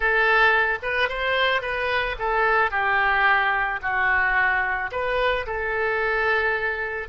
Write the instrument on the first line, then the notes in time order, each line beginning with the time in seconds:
oboe
0.00 A4
0.82 B4
1.08 C5
1.61 B4
2.18 A4
2.70 G4
3.82 F#4
4.91 B4
5.46 A4